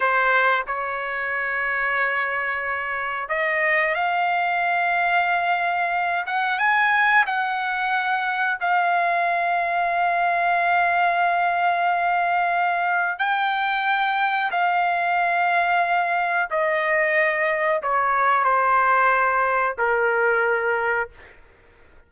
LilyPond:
\new Staff \with { instrumentName = "trumpet" } { \time 4/4 \tempo 4 = 91 c''4 cis''2.~ | cis''4 dis''4 f''2~ | f''4. fis''8 gis''4 fis''4~ | fis''4 f''2.~ |
f''1 | g''2 f''2~ | f''4 dis''2 cis''4 | c''2 ais'2 | }